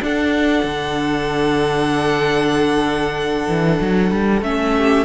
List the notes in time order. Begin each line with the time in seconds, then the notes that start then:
0.00 D4 A4 F#5
0.64 D3
3.48 E3
3.80 F#3
4.11 G3
4.42 A3 C#4 E5
4.76 G4